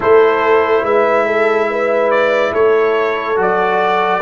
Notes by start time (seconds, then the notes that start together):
0.00 A3 E4 A4 C5
0.82 G#3 B4 E5
1.26 A4
1.70 B4
2.10 D5
2.52 A3 A4 C#5
3.36 F#3 F#4 D5